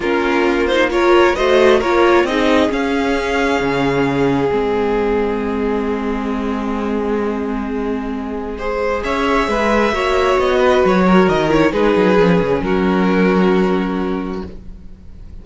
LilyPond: <<
  \new Staff \with { instrumentName = "violin" } { \time 4/4 \tempo 4 = 133 ais'4. c''8 cis''4 dis''4 | cis''4 dis''4 f''2~ | f''2 dis''2~ | dis''1~ |
dis''1 | e''2. dis''4 | cis''4 dis''8 cis''8 b'2 | ais'1 | }
  \new Staff \with { instrumentName = "violin" } { \time 4/4 f'2 ais'4 c''4 | ais'4 gis'2.~ | gis'1~ | gis'1~ |
gis'2. c''4 | cis''4 b'4 cis''4. b'8~ | b'8 ais'4. gis'2 | fis'1 | }
  \new Staff \with { instrumentName = "viola" } { \time 4/4 cis'4. dis'8 f'4 fis'4 | f'4 dis'4 cis'2~ | cis'2 c'2~ | c'1~ |
c'2. gis'4~ | gis'2 fis'2~ | fis'4. e'8 dis'4 cis'4~ | cis'1 | }
  \new Staff \with { instrumentName = "cello" } { \time 4/4 ais2. a4 | ais4 c'4 cis'2 | cis2 gis2~ | gis1~ |
gis1 | cis'4 gis4 ais4 b4 | fis4 dis4 gis8 fis8 f8 cis8 | fis1 | }
>>